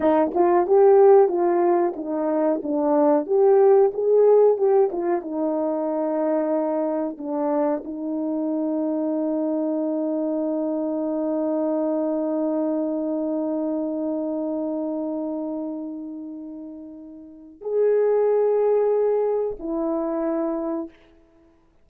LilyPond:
\new Staff \with { instrumentName = "horn" } { \time 4/4 \tempo 4 = 92 dis'8 f'8 g'4 f'4 dis'4 | d'4 g'4 gis'4 g'8 f'8 | dis'2. d'4 | dis'1~ |
dis'1~ | dis'1~ | dis'2. gis'4~ | gis'2 e'2 | }